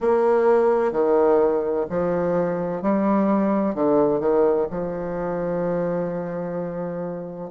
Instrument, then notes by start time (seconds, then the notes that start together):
bassoon
0.00 A#3
0.92 D#3
1.89 F3
2.82 G3
3.74 D3
4.20 D#3
4.70 F3